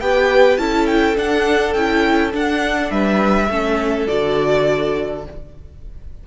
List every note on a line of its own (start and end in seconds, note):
0.00 0.58 B3
0.00 0.58 G4
0.00 0.60 B4
0.00 0.57 G5
0.57 1.16 C#4
0.57 1.16 E4
0.57 2.92 A4
0.57 0.86 A5
0.86 1.15 G5
1.16 1.74 D4
1.16 1.75 D4
1.16 1.73 F#5
1.73 2.33 C#4
1.73 2.32 E4
1.73 2.31 G5
2.32 3.48 D4
2.32 2.91 D4
2.32 2.90 F#5
2.90 3.49 G3
2.90 3.50 B4
2.90 4.07 E5
3.49 4.07 A3
3.49 4.07 C#4
3.49 5.25 A4
4.07 5.27 D3
4.07 5.24 F#4
4.07 5.23 D5